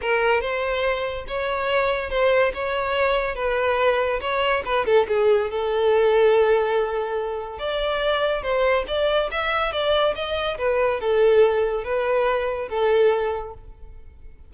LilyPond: \new Staff \with { instrumentName = "violin" } { \time 4/4 \tempo 4 = 142 ais'4 c''2 cis''4~ | cis''4 c''4 cis''2 | b'2 cis''4 b'8 a'8 | gis'4 a'2.~ |
a'2 d''2 | c''4 d''4 e''4 d''4 | dis''4 b'4 a'2 | b'2 a'2 | }